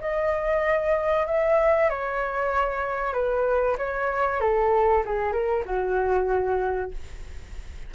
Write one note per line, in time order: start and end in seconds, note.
0.00 1.26 D#5
1.26 1.89 E5
1.89 3.13 C#5
3.13 3.76 B4
3.77 4.40 C#5
4.40 5.03 A4
5.05 5.32 G#4
5.32 5.64 A#4
5.65 6.91 F#4